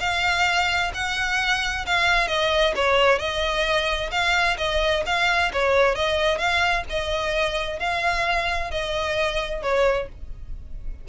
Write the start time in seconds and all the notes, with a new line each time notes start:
0.00 F5
0.94 F#5
1.86 F5
2.28 D#5
2.76 C#5
3.19 D#5
4.11 F5
4.58 D#5
5.06 F5
5.53 C#5
5.95 D#5
6.38 F5
6.90 D#5
7.79 F5
8.71 D#5
9.62 C#5